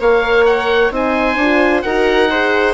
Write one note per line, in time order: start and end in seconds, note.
0.00 0.91 A#3
0.00 0.90 A#4
0.00 0.93 C#5
0.00 0.46 F5
0.46 0.92 F#5
0.90 1.36 C4
0.90 1.37 D#4
0.90 1.85 C5
0.90 1.82 G#5
1.36 1.82 D4
1.36 1.84 F4
1.82 2.74 D#4
1.82 2.31 F#4
1.82 2.31 A#4
1.82 2.74 F#5
2.31 2.74 G#4
2.31 2.74 C5